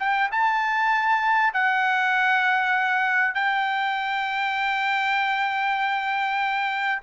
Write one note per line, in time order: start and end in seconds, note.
0.00 0.31 G5
0.32 1.54 A5
1.54 3.35 F#5
3.35 7.02 G5